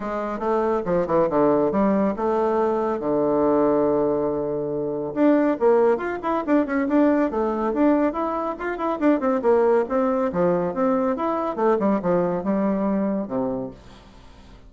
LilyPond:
\new Staff \with { instrumentName = "bassoon" } { \time 4/4 \tempo 4 = 140 gis4 a4 f8 e8 d4 | g4 a2 d4~ | d1 | d'4 ais4 f'8 e'8 d'8 cis'8 |
d'4 a4 d'4 e'4 | f'8 e'8 d'8 c'8 ais4 c'4 | f4 c'4 e'4 a8 g8 | f4 g2 c4 | }